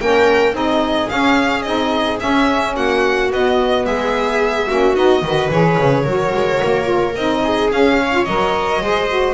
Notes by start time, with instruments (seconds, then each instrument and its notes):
0.00 double bass A#3, saxophone C#4, viola A#4, violin G5
0.53 double bass C4, saxophone D#4, viola G#4, violin D#5
1.08 saxophone C#4, double bass C#4, violin F5
1.62 double bass C4, saxophone D#4, violin D#5
2.19 saxophone C#4, double bass C#4, violin E5
2.76 double bass A#3, viola F#4, violin F#5
3.31 double bass B3, saxophone B3, violin D#5
3.85 double bass G#3, viola G#4, violin E5
4.67 double bass A#3, saxophone C#4, viola F#4
4.95 double bass B3, saxophone D#4, violin D#5
5.22 double bass D#3, saxophone F#4, viola B4
5.50 double bass E3, saxophone G#4, violin C#5
5.79 double bass C#3
6.03 double bass F#3, saxophone F#4, viola A#4
6.33 double bass G#3
6.64 double bass A#3
6.84 saxophone F4
7.15 double bass C4, saxophone D#4, violin D#5
7.44 viola G#4
7.71 saxophone C#4, double bass C#4, violin F5
8.01 viola C#5
8.12 saxophone F4
8.25 double bass F#3, saxophone A#4, violin D#5
8.81 double bass G#3, saxophone G#4, viola C5
9.09 saxophone F#4